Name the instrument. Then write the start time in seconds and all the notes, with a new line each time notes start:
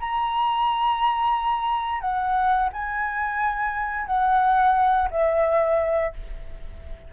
flute
0.00 A#5
2.01 F#5
2.73 G#5
4.07 F#5
5.11 E5